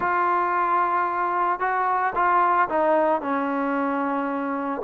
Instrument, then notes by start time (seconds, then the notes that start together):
trombone
0.00 F4
1.59 F#4
2.15 F4
2.68 D#4
3.21 C#4